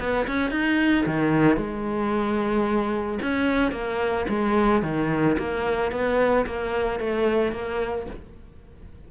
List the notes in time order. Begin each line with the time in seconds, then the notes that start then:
0.00 B3
0.28 C#4
0.51 D#4
1.06 D#3
1.57 G#3
3.22 C#4
3.72 A#3
4.29 G#3
4.83 D#3
5.39 A#3
5.92 B3
6.47 A#3
7.00 A3
7.52 A#3